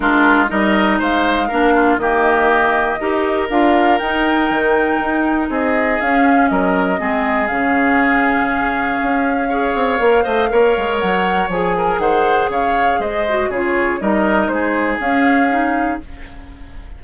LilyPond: <<
  \new Staff \with { instrumentName = "flute" } { \time 4/4 \tempo 4 = 120 ais'4 dis''4 f''2 | dis''2. f''4 | g''2. dis''4 | f''4 dis''2 f''4~ |
f''1~ | f''2 fis''4 gis''4 | fis''4 f''4 dis''4 cis''4 | dis''4 c''4 f''2 | }
  \new Staff \with { instrumentName = "oboe" } { \time 4/4 f'4 ais'4 c''4 ais'8 f'8 | g'2 ais'2~ | ais'2. gis'4~ | gis'4 ais'4 gis'2~ |
gis'2. cis''4~ | cis''8 dis''8 cis''2~ cis''8 ais'8 | c''4 cis''4 c''4 gis'4 | ais'4 gis'2. | }
  \new Staff \with { instrumentName = "clarinet" } { \time 4/4 d'4 dis'2 d'4 | ais2 g'4 f'4 | dis'1 | cis'2 c'4 cis'4~ |
cis'2. gis'4 | ais'8 c''8 ais'2 gis'4~ | gis'2~ gis'8 fis'8 f'4 | dis'2 cis'4 dis'4 | }
  \new Staff \with { instrumentName = "bassoon" } { \time 4/4 gis4 g4 gis4 ais4 | dis2 dis'4 d'4 | dis'4 dis4 dis'4 c'4 | cis'4 fis4 gis4 cis4~ |
cis2 cis'4. c'8 | ais8 a8 ais8 gis8 fis4 f4 | dis4 cis4 gis4 cis4 | g4 gis4 cis'2 | }
>>